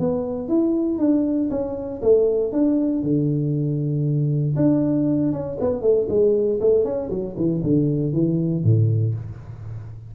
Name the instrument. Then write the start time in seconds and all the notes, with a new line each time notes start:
tuba
0.00 B3
0.49 E4
0.99 D4
1.51 C#4
2.02 A3
2.53 D4
3.03 D3
4.56 D4
5.33 C#4
5.60 B3
5.82 A3
6.09 G#3
6.61 A3
6.85 C#4
7.10 F#3
7.37 E3
7.64 D3
8.13 E3
8.64 A2